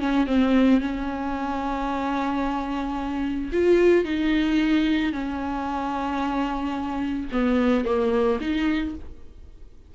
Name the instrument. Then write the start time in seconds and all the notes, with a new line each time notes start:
viola
0.00 C#4
0.27 C4
0.81 C#4
3.53 F4
4.05 D#4
5.13 C#4
7.32 B3
7.85 A#3
8.41 D#4